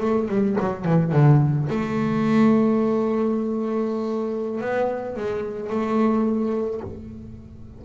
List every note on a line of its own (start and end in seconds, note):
0.00 0.28 A3
0.28 0.56 G3
0.60 0.85 F#3
0.85 1.11 E3
1.11 1.67 D3
1.69 4.60 A3
4.60 5.16 B3
5.16 5.69 G#3
5.69 6.81 A3